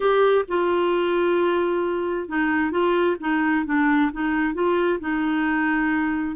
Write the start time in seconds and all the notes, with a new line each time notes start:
0.00 G4
0.48 F4
2.28 D#4
2.71 F4
3.20 D#4
3.65 D4
4.12 D#4
4.54 F4
5.00 D#4